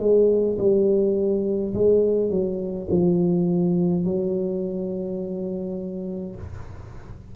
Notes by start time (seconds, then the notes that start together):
0.00 G#3
0.59 G3
1.75 G#3
2.31 F#3
2.91 F3
4.05 F#3